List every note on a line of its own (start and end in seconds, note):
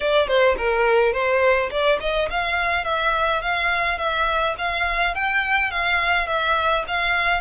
0.00 0.27 D5
0.27 0.56 C5
0.57 1.12 A#4
1.12 1.70 C5
1.70 1.99 D5
2.00 2.29 D#5
2.29 2.84 F5
2.84 3.41 E5
3.41 3.98 F5
3.98 4.55 E5
4.57 5.14 F5
5.14 5.70 G5
5.70 6.26 F5
6.26 6.83 E5
6.87 7.41 F5